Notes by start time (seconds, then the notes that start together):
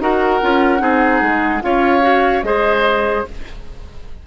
0.00 D#4 F#4 A#4 F#5
0.42 C#4 F4
0.79 C4 D#4 G#4
1.22 G#3
1.62 C#4 F4 C#5 F5
2.02 F#4
2.43 G#3 G#4 C5 D#5